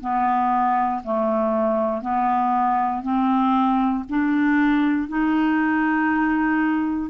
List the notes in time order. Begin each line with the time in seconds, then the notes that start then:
0.00 B3
1.03 A3
2.02 B3
3.02 C4
4.09 D4
5.08 D#4